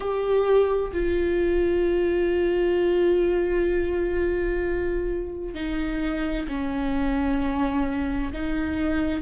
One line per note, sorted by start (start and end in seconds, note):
0.00 0.91 G4
0.92 5.54 F4
5.54 6.46 D#4
6.47 8.32 C#4
8.32 9.22 D#4